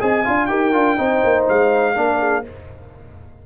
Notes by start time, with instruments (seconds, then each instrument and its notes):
0.00 tuba C4, trombone G#4, horn D#5, trumpet G#5
0.24 tuba D4, trombone F4, horn F5
0.46 tuba D#4, trombone G4, horn A#4, trumpet G5
0.73 tuba D4, trombone F4
0.97 tuba C4, trombone D#4, horn C5
1.24 tuba A#3
1.49 tuba G#3, trumpet F5
1.94 tuba A#3, trombone D4, horn A#4
2.19 horn G#4